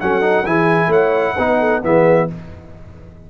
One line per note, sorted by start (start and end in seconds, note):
0.00 0.45 F#3
0.00 0.21 C#4
0.00 0.46 A4
0.00 0.45 F#5
0.21 0.43 D#4
0.45 0.87 E3
0.45 1.36 E4
0.45 0.88 G#4
0.45 0.91 G#5
0.87 1.32 A3
0.87 1.34 C#5
0.87 1.82 F#5
1.35 1.83 B3
1.35 1.82 D#4
1.35 1.57 B4
1.59 1.82 A4
1.82 2.29 E3
1.82 2.28 B3
1.82 2.30 G#4
1.82 2.29 E5